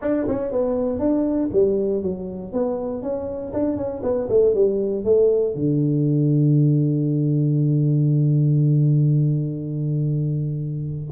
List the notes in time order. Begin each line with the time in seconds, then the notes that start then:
0.01 D4
0.28 C#4
0.51 B3
0.99 D4
1.52 G3
2.02 F#3
2.52 B3
3.02 C#4
3.53 D4
3.76 C#4
4.02 B3
4.29 A3
4.54 G3
5.04 A3
5.54 D3